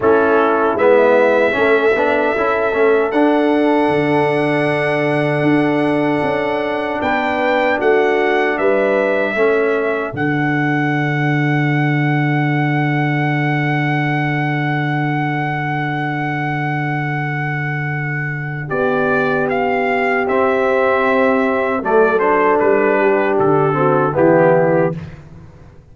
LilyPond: <<
  \new Staff \with { instrumentName = "trumpet" } { \time 4/4 \tempo 4 = 77 a'4 e''2. | fis''1~ | fis''4 g''4 fis''4 e''4~ | e''4 fis''2.~ |
fis''1~ | fis''1 | d''4 f''4 e''2 | d''8 c''8 b'4 a'4 g'4 | }
  \new Staff \with { instrumentName = "horn" } { \time 4/4 e'2 a'2~ | a'1~ | a'4 b'4 fis'4 b'4 | a'1~ |
a'1~ | a'1 | g'1 | a'4. g'4 fis'8 e'4 | }
  \new Staff \with { instrumentName = "trombone" } { \time 4/4 cis'4 b4 cis'8 d'8 e'8 cis'8 | d'1~ | d'1 | cis'4 d'2.~ |
d'1~ | d'1~ | d'2 c'2 | a8 d'2 c'8 b4 | }
  \new Staff \with { instrumentName = "tuba" } { \time 4/4 a4 gis4 a8 b8 cis'8 a8 | d'4 d2 d'4 | cis'4 b4 a4 g4 | a4 d2.~ |
d1~ | d1 | b2 c'2 | fis4 g4 d4 e4 | }
>>